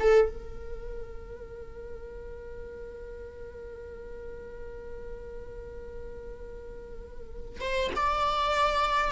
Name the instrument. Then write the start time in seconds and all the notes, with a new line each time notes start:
viola
0.00 A4
0.29 A#4
7.61 C5
7.96 D5